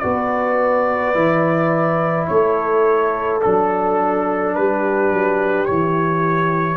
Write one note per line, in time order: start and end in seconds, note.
0.00 1.15 B3
0.00 1.15 F#4
0.00 2.29 B4
0.00 2.26 D5
1.15 2.28 E3
1.15 3.41 E4
2.28 3.43 A3
2.28 4.55 A4
2.28 3.41 C#5
3.41 4.57 F#3
3.41 5.67 D4
3.41 4.54 A4
4.55 5.12 G3
4.55 6.77 G4
4.55 5.65 B4
5.12 5.68 F#3
5.65 6.77 E3
5.65 6.77 E4
5.65 6.77 C#5